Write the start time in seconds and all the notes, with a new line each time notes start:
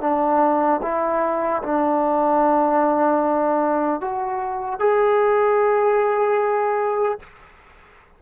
0.00 D4
0.82 E4
1.63 D4
4.00 F#4
4.79 G#4